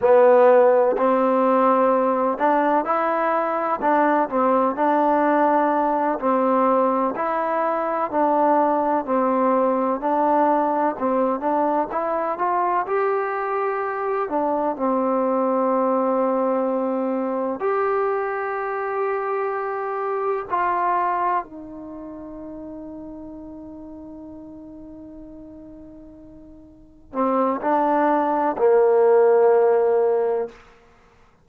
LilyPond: \new Staff \with { instrumentName = "trombone" } { \time 4/4 \tempo 4 = 63 b4 c'4. d'8 e'4 | d'8 c'8 d'4. c'4 e'8~ | e'8 d'4 c'4 d'4 c'8 | d'8 e'8 f'8 g'4. d'8 c'8~ |
c'2~ c'8 g'4.~ | g'4. f'4 dis'4.~ | dis'1~ | dis'8 c'8 d'4 ais2 | }